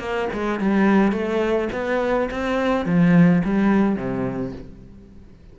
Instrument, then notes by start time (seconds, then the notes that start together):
cello
0.00 A#3
0.33 G#3
0.60 G3
1.12 A3
1.73 B3
2.31 C4
2.86 F3
3.45 G3
3.96 C3